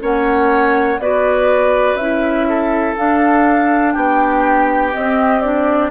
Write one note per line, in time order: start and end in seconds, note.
0.00 0.98 A#3
0.00 0.98 C#4
0.00 1.00 C#5
0.00 1.00 F#5
0.98 1.94 B3
0.98 1.99 F#4
0.98 2.48 B4
0.98 1.96 D5
1.94 2.93 C#4
1.94 2.96 E4
1.94 2.94 E5
2.48 3.93 A4
2.96 4.92 D4
2.96 3.95 D4
2.96 3.92 F5
3.92 4.94 B3
3.92 5.90 G4
3.92 4.91 G5
4.92 5.41 C4
4.92 5.90 C4
4.92 5.41 D#5
5.41 5.90 D4
5.41 5.90 D5